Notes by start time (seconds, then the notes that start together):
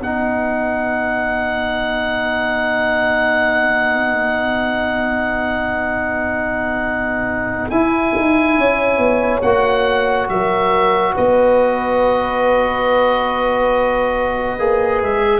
0.00 B3 D#4 B4 F#5
7.70 E4 G#5
8.16 D#4
8.58 C#4 C#5
8.98 B3
9.42 A#3 F#4 F#5
10.29 F#3 A#4 E5
11.14 B3 B4 D#5
14.59 A#3 G#4
15.02 G#3 E5